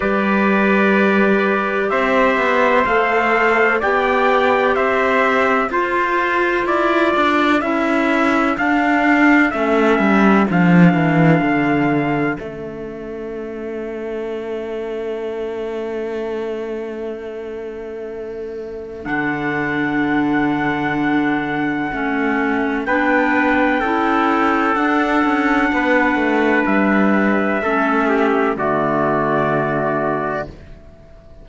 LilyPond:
<<
  \new Staff \with { instrumentName = "trumpet" } { \time 4/4 \tempo 4 = 63 d''2 e''4 f''4 | g''4 e''4 c''4 d''4 | e''4 f''4 e''4 f''4~ | f''4 e''2.~ |
e''1 | fis''1 | g''2 fis''2 | e''2 d''2 | }
  \new Staff \with { instrumentName = "trumpet" } { \time 4/4 b'2 c''2 | d''4 c''4 a'2~ | a'1~ | a'1~ |
a'1~ | a'1 | b'4 a'2 b'4~ | b'4 a'8 g'8 fis'2 | }
  \new Staff \with { instrumentName = "clarinet" } { \time 4/4 g'2. a'4 | g'2 f'2 | e'4 d'4 cis'4 d'4~ | d'4 cis'2.~ |
cis'1 | d'2. cis'4 | d'4 e'4 d'2~ | d'4 cis'4 a2 | }
  \new Staff \with { instrumentName = "cello" } { \time 4/4 g2 c'8 b8 a4 | b4 c'4 f'4 e'8 d'8 | cis'4 d'4 a8 g8 f8 e8 | d4 a2.~ |
a1 | d2. a4 | b4 cis'4 d'8 cis'8 b8 a8 | g4 a4 d2 | }
>>